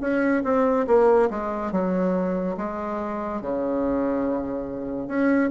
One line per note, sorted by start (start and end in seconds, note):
0.00 0.42 C#4
0.43 0.86 C4
0.86 1.29 A#3
1.30 1.71 G#3
1.71 2.56 F#3
2.57 3.41 G#3
3.41 5.07 C#3
5.07 5.50 C#4